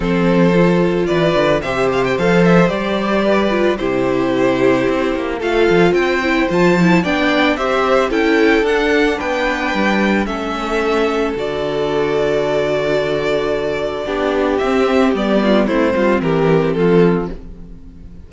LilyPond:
<<
  \new Staff \with { instrumentName = "violin" } { \time 4/4 \tempo 4 = 111 c''2 d''4 e''8 f''16 g''16 | f''8 e''8 d''2 c''4~ | c''2 f''4 g''4 | a''4 g''4 e''4 g''4 |
fis''4 g''2 e''4~ | e''4 d''2.~ | d''2. e''4 | d''4 c''4 ais'4 a'4 | }
  \new Staff \with { instrumentName = "violin" } { \time 4/4 a'2 b'4 c''4~ | c''2 b'4 g'4~ | g'2 a'4 c''4~ | c''4 d''4 c''4 a'4~ |
a'4 b'2 a'4~ | a'1~ | a'2 g'2~ | g'8 f'8 e'8 f'8 g'4 f'4 | }
  \new Staff \with { instrumentName = "viola" } { \time 4/4 c'4 f'2 g'4 | a'4 g'4. f'8 e'4~ | e'2 f'4. e'8 | f'8 e'8 d'4 g'4 e'4 |
d'2. cis'4~ | cis'4 fis'2.~ | fis'2 d'4 c'4 | b4 c'2. | }
  \new Staff \with { instrumentName = "cello" } { \time 4/4 f2 e8 d8 c4 | f4 g2 c4~ | c4 c'8 ais8 a8 f8 c'4 | f4 b4 c'4 cis'4 |
d'4 b4 g4 a4~ | a4 d2.~ | d2 b4 c'4 | g4 a8 g8 e4 f4 | }
>>